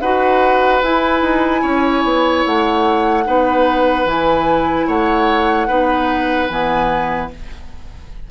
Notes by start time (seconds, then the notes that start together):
0.00 D#4 F#4 B4 F#5
0.82 E4 G#5
1.21 D#4
1.61 C#4 C#5
2.03 B3
2.45 A3 F#5
3.25 B3 D#4 B4
4.05 E3 E4 G#5
4.87 A3 C#5 F#5
5.67 B3 D#4 B4
6.48 E3 B3 G#5